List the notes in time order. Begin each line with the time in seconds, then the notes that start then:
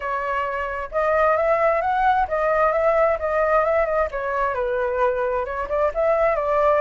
0.00 C#5
0.91 D#5
1.36 E5
1.81 F#5
2.28 D#5
2.72 E5
3.19 D#5
3.64 E5
3.85 D#5
4.11 C#5
4.54 B4
5.45 C#5
5.68 D5
5.94 E5
6.35 D5